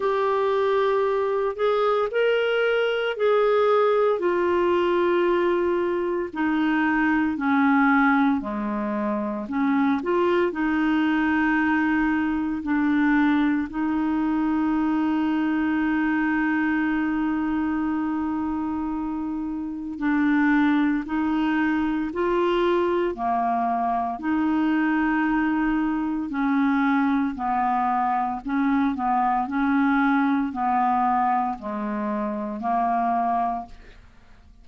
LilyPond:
\new Staff \with { instrumentName = "clarinet" } { \time 4/4 \tempo 4 = 57 g'4. gis'8 ais'4 gis'4 | f'2 dis'4 cis'4 | gis4 cis'8 f'8 dis'2 | d'4 dis'2.~ |
dis'2. d'4 | dis'4 f'4 ais4 dis'4~ | dis'4 cis'4 b4 cis'8 b8 | cis'4 b4 gis4 ais4 | }